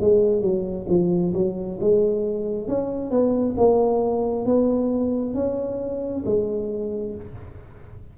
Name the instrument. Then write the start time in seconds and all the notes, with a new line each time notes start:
tuba
0.00 G#3
0.41 F#3
0.88 F3
1.34 F#3
1.80 G#3
2.67 C#4
3.10 B3
3.57 A#3
4.45 B3
5.34 C#4
6.25 G#3